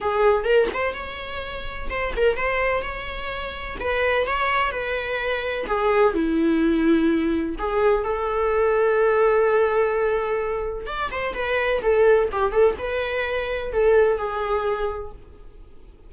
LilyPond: \new Staff \with { instrumentName = "viola" } { \time 4/4 \tempo 4 = 127 gis'4 ais'8 c''8 cis''2 | c''8 ais'8 c''4 cis''2 | b'4 cis''4 b'2 | gis'4 e'2. |
gis'4 a'2.~ | a'2. d''8 c''8 | b'4 a'4 g'8 a'8 b'4~ | b'4 a'4 gis'2 | }